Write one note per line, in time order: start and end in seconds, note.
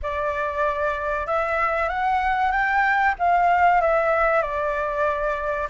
0.02 1.27 D5
1.27 1.88 E5
1.88 2.51 F#5
2.51 3.14 G5
3.19 3.81 F5
3.81 4.42 E5
4.42 5.68 D5